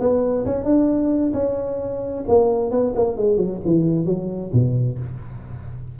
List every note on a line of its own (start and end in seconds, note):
0.00 0.45 B3
0.46 0.65 C#4
0.65 1.33 D4
1.34 2.25 C#4
2.29 2.71 A#3
2.71 2.94 B3
2.96 3.18 A#3
3.18 3.37 G#3
3.37 3.60 F#3
3.65 4.06 E3
4.06 4.51 F#3
4.54 4.99 B2